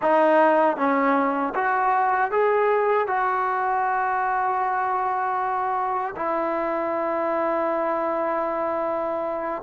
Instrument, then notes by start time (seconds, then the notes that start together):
trombone
0.02 D#4
0.77 C#4
1.55 F#4
2.31 G#4
3.07 F#4
6.16 E4